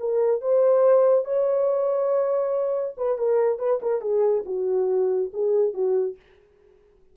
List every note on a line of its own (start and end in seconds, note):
0.00 0.42 A#4
0.42 1.25 C5
1.25 2.95 C#5
2.97 3.18 B4
3.18 3.59 A#4
3.59 3.80 B4
3.82 4.02 A#4
4.02 4.44 G#4
4.46 5.31 F#4
5.33 5.74 G#4
5.74 6.16 F#4